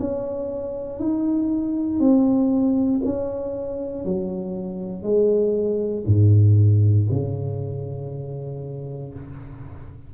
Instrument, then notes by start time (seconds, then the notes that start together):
tuba
0.00 C#4
0.99 D#4
2.00 C4
3.05 C#4
4.05 F#3
5.03 G#3
6.06 G#2
7.11 C#3